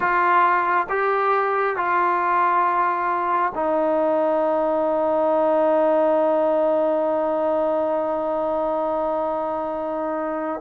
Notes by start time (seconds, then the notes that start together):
0.00 F4
0.89 G4
1.76 F4
3.55 D#4